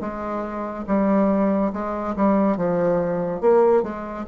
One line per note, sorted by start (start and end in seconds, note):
0.00 0.85 G#3
0.87 1.72 G3
1.72 2.15 G#3
2.16 2.57 G3
2.57 3.41 F3
3.41 3.83 A#3
3.83 4.25 G#3